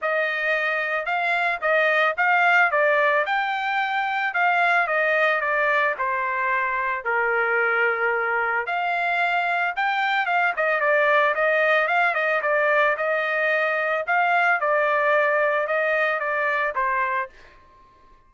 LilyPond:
\new Staff \with { instrumentName = "trumpet" } { \time 4/4 \tempo 4 = 111 dis''2 f''4 dis''4 | f''4 d''4 g''2 | f''4 dis''4 d''4 c''4~ | c''4 ais'2. |
f''2 g''4 f''8 dis''8 | d''4 dis''4 f''8 dis''8 d''4 | dis''2 f''4 d''4~ | d''4 dis''4 d''4 c''4 | }